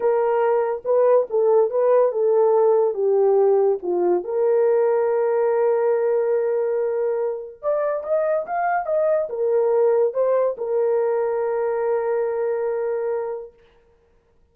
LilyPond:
\new Staff \with { instrumentName = "horn" } { \time 4/4 \tempo 4 = 142 ais'2 b'4 a'4 | b'4 a'2 g'4~ | g'4 f'4 ais'2~ | ais'1~ |
ais'2 d''4 dis''4 | f''4 dis''4 ais'2 | c''4 ais'2.~ | ais'1 | }